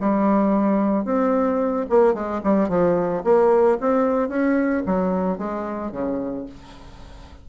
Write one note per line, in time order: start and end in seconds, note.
0.00 1.05 G3
1.05 1.86 C4
1.89 2.14 A#3
2.14 2.41 G#3
2.43 2.69 G3
2.69 3.23 F3
3.24 3.78 A#3
3.80 4.29 C4
4.29 4.83 C#4
4.86 5.38 F#3
5.38 5.91 G#3
5.91 6.45 C#3